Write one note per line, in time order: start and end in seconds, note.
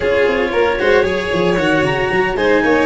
0.00 0.26 C#4
0.00 0.79 F4
0.00 0.48 G#4
0.00 1.57 C#5
0.26 0.52 C4
0.51 0.79 A#3
0.51 0.78 A#4
0.79 1.03 G#3
0.79 1.03 F#4
0.79 1.05 C5
1.03 1.29 F#3
1.03 1.56 G#4
1.03 2.36 C#5
1.32 1.58 F3
1.57 1.81 D#3
1.57 2.36 F#4
1.57 1.83 F#5
1.81 2.08 C#3
1.81 2.36 A#5
2.10 2.35 F#3
2.35 2.61 G#3
2.35 2.86 D#4
2.35 2.62 C5
2.35 2.86 G#5
2.64 2.86 A#3
2.64 2.86 C#5